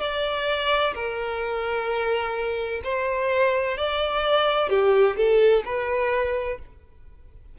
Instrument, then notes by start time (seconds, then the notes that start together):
violin
0.00 D5
0.94 A#4
2.83 C5
3.77 D5
4.69 G4
5.16 A4
5.65 B4